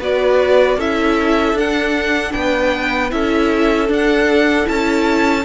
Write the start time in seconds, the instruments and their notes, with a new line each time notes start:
0.00 cello B3, viola F#4, violin B4 D5
0.77 cello C#4, viola E4, violin A4 E5
1.54 cello D4, viola D4, violin F#5
2.33 cello B3, violin B4 G5
3.11 cello C#4, viola E4, violin A4 E5
3.88 viola D4, cello D4, violin F#5
4.64 cello C#4, viola E4, violin A5